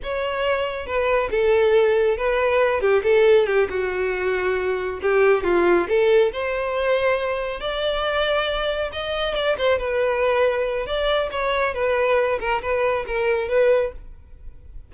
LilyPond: \new Staff \with { instrumentName = "violin" } { \time 4/4 \tempo 4 = 138 cis''2 b'4 a'4~ | a'4 b'4. g'8 a'4 | g'8 fis'2. g'8~ | g'8 f'4 a'4 c''4.~ |
c''4. d''2~ d''8~ | d''8 dis''4 d''8 c''8 b'4.~ | b'4 d''4 cis''4 b'4~ | b'8 ais'8 b'4 ais'4 b'4 | }